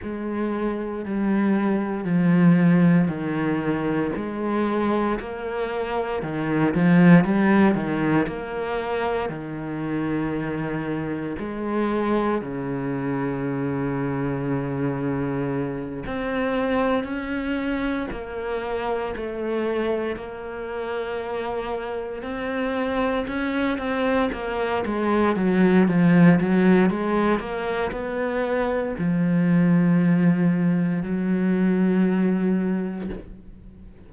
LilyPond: \new Staff \with { instrumentName = "cello" } { \time 4/4 \tempo 4 = 58 gis4 g4 f4 dis4 | gis4 ais4 dis8 f8 g8 dis8 | ais4 dis2 gis4 | cis2.~ cis8 c'8~ |
c'8 cis'4 ais4 a4 ais8~ | ais4. c'4 cis'8 c'8 ais8 | gis8 fis8 f8 fis8 gis8 ais8 b4 | f2 fis2 | }